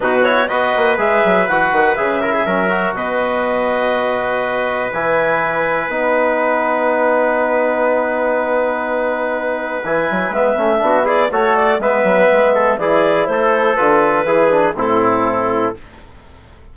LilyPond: <<
  \new Staff \with { instrumentName = "clarinet" } { \time 4/4 \tempo 4 = 122 b'8 cis''8 dis''4 e''4 fis''4 | e''2 dis''2~ | dis''2 gis''2 | fis''1~ |
fis''1 | gis''4 e''4. d''8 cis''8 d''8 | e''2 d''4 c''4 | b'2 a'2 | }
  \new Staff \with { instrumentName = "trumpet" } { \time 4/4 fis'4 b'2.~ | b'8 ais'16 gis'16 ais'4 b'2~ | b'1~ | b'1~ |
b'1~ | b'2 fis'8 gis'8 a'4 | b'4. a'8 gis'4 a'4~ | a'4 gis'4 e'2 | }
  \new Staff \with { instrumentName = "trombone" } { \time 4/4 dis'8 e'8 fis'4 gis'4 fis'4 | gis'8 e'8 cis'8 fis'2~ fis'8~ | fis'2 e'2 | dis'1~ |
dis'1 | e'4 b8 cis'8 d'8 e'8 fis'4 | b2 e'2 | f'4 e'8 d'8 c'2 | }
  \new Staff \with { instrumentName = "bassoon" } { \time 4/4 b,4 b8 ais8 gis8 fis8 e8 dis8 | cis4 fis4 b,2~ | b,2 e2 | b1~ |
b1 | e8 fis8 gis8 a8 b4 a4 | gis8 fis8 gis4 e4 a4 | d4 e4 a,2 | }
>>